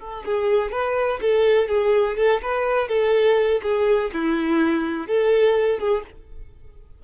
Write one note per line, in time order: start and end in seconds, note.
0.00 0.24 A4
0.26 0.72 G#4
0.72 1.20 B4
1.21 1.69 A4
1.69 2.17 G#4
2.17 2.41 A4
2.42 2.89 B4
2.89 3.61 A4
3.63 4.11 G#4
4.14 5.07 E4
5.07 5.80 A4
5.80 6.04 G#4